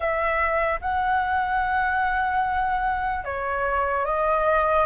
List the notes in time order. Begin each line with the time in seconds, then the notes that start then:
0.00 E5
0.81 F#5
3.24 C#5
4.05 D#5